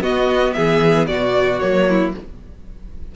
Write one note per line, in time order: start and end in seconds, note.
0.00 0.53 B3
0.00 1.59 B3
0.00 0.55 F#4
0.00 0.53 D#5
0.53 1.10 E3
0.53 1.08 G#4
0.53 1.05 E5
1.07 1.61 B2
1.07 1.87 F#4
1.07 1.59 D5
1.59 2.14 F#3
1.59 2.12 A#3
1.59 2.12 C#5
1.89 2.15 E4